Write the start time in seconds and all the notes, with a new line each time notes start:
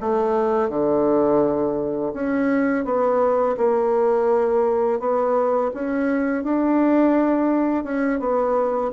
0.00 A3
0.69 D3
2.13 C#4
2.84 B3
3.57 A#3
4.99 B3
5.74 C#4
6.44 D4
7.84 C#4
8.19 B3